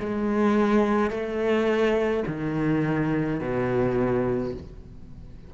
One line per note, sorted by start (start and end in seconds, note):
0.00 1.11 G#3
1.11 2.24 A3
2.27 3.41 D#3
3.41 4.54 B2